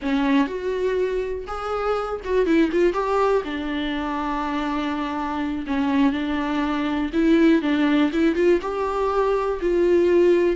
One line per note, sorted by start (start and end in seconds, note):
0.02 0.47 C#4
0.47 1.45 F#4
1.47 2.20 G#4
2.24 2.46 F#4
2.46 2.70 E4
2.72 2.93 F4
2.93 3.42 G4
3.44 5.65 D4
5.67 6.12 C#4
6.12 7.10 D4
7.13 7.61 E4
7.61 8.11 D4
8.12 8.35 E4
8.35 8.60 F4
8.61 9.60 G4
9.61 10.56 F4